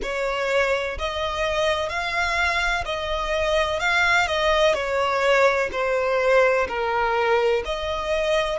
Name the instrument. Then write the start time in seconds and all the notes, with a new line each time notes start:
violin
0.02 C#5
0.98 D#5
1.89 F5
2.85 D#5
3.79 F5
4.27 D#5
4.74 C#5
5.71 C5
6.68 A#4
7.65 D#5